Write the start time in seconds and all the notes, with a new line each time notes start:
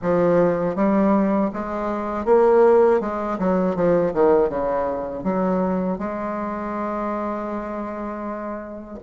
0.02 F3
0.75 G3
1.53 G#3
2.25 A#3
3.00 G#3
3.39 F#3
3.75 F3
4.13 D#3
4.49 C#3
5.23 F#3
5.98 G#3